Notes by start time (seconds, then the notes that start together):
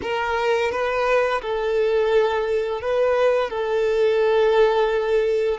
0.02 A#4
0.71 B4
1.41 A4
2.81 B4
3.49 A4